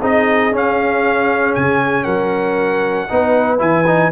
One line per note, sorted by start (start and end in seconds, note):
0.00 0.52 C4
0.00 0.53 D#4
0.00 2.04 G#4
0.00 0.57 D#5
0.52 1.54 C#4
0.52 3.09 C#4
0.52 1.55 F5
1.55 2.06 C#3
1.55 2.04 G#5
2.04 3.09 F#3
2.04 3.07 A#4
2.04 3.58 F#5
3.09 3.61 B3
3.09 3.59 D#4
3.09 4.12 B4
3.59 4.12 E3
3.59 3.85 E4
3.59 4.12 G#5
3.87 4.12 D#4